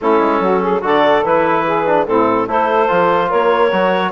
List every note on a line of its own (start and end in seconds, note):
0.01 0.19 A3
0.01 0.81 C#4
0.01 0.41 E4
0.01 0.83 A4
0.19 0.39 G#3
0.39 0.81 F#3
0.39 0.61 F#4
0.61 0.82 G#4
0.81 1.24 D3
0.81 1.22 F#4
0.81 1.65 A4
0.81 1.24 D5
1.24 2.06 E3
1.24 1.86 E4
1.24 2.06 B4
1.65 2.06 G#4
1.86 2.07 D4
2.06 2.46 A2
2.06 2.48 C4
2.06 2.48 E4
2.06 2.47 A4
2.46 2.88 A3
2.46 2.88 E4
2.46 3.28 A4
2.46 3.31 C5
2.88 3.32 F3
2.88 3.71 F4
3.28 3.72 A#3
3.28 4.11 A#4
3.28 4.11 C#5
3.72 4.11 F#3
3.72 4.11 F#4